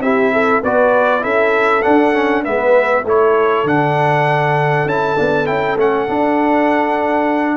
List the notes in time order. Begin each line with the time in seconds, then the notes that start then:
0.00 C4 E4 G4 E5
0.33 A4
0.63 B3 F#4 B4 D5
1.21 C#4 E4 A4 E5
1.83 D4 F#5
2.14 C#4
2.44 G#3 B3 B4 E5
3.05 A3 E4 A4 C#5
3.64 D3 D4 F#5
4.86 C#4 E4 A5
5.16 B3 D4
5.46 C#4 E4 G5
5.78 A3 C#4 F#5
6.08 D4